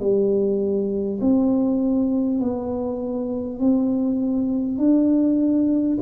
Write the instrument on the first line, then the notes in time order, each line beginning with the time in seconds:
tuba
0.00 G3
1.21 C4
2.40 B3
3.60 C4
4.78 D4